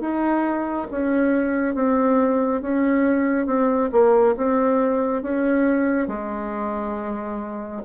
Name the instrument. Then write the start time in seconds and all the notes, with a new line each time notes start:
bassoon
0.00 D#4
0.91 C#4
1.74 C4
2.61 C#4
3.46 C4
3.92 A#3
4.36 C4
5.22 C#4
6.07 G#3